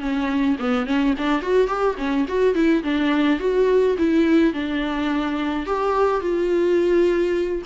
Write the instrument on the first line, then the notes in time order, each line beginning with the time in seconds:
viola
0.00 C#4
0.59 B3
0.86 C#4
1.17 D4
1.42 F#4
1.67 G4
1.98 C#4
2.28 F#4
2.54 E4
2.83 D4
3.39 F#4
3.98 E4
4.53 D4
5.66 G4
6.20 F4